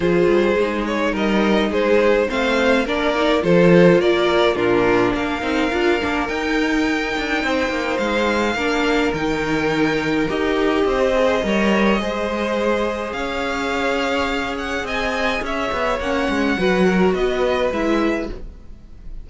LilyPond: <<
  \new Staff \with { instrumentName = "violin" } { \time 4/4 \tempo 4 = 105 c''4. cis''8 dis''4 c''4 | f''4 d''4 c''4 d''4 | ais'4 f''2 g''4~ | g''2 f''2 |
g''2 dis''2~ | dis''2. f''4~ | f''4. fis''8 gis''4 e''4 | fis''2 dis''4 e''4 | }
  \new Staff \with { instrumentName = "violin" } { \time 4/4 gis'2 ais'4 gis'4 | c''4 ais'4 a'4 ais'4 | f'4 ais'2.~ | ais'4 c''2 ais'4~ |
ais'2. c''4 | cis''4 c''2 cis''4~ | cis''2 dis''4 cis''4~ | cis''4 b'8 ais'8 b'2 | }
  \new Staff \with { instrumentName = "viola" } { \time 4/4 f'4 dis'2. | c'4 d'8 dis'8 f'2 | d'4. dis'8 f'8 d'8 dis'4~ | dis'2. d'4 |
dis'2 g'4. gis'8 | ais'4 gis'2.~ | gis'1 | cis'4 fis'2 e'4 | }
  \new Staff \with { instrumentName = "cello" } { \time 4/4 f8 g8 gis4 g4 gis4 | a4 ais4 f4 ais4 | ais,4 ais8 c'8 d'8 ais8 dis'4~ | dis'8 d'8 c'8 ais8 gis4 ais4 |
dis2 dis'4 c'4 | g4 gis2 cis'4~ | cis'2 c'4 cis'8 b8 | ais8 gis8 fis4 b4 gis4 | }
>>